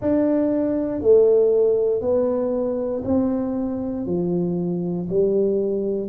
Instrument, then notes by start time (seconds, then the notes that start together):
tuba
0.00 D4
1.01 A3
2.01 B3
3.04 C4
4.06 F3
5.09 G3